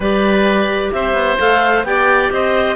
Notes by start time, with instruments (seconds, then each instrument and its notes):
0.00 cello G3, clarinet G4 D5, oboe B4
0.92 cello C4, oboe C5, clarinet E5
1.13 cello B3
1.38 cello A3, clarinet A4 F5
1.83 cello B3, clarinet G4 G5, oboe D5
2.31 cello C4, oboe C5, clarinet D#5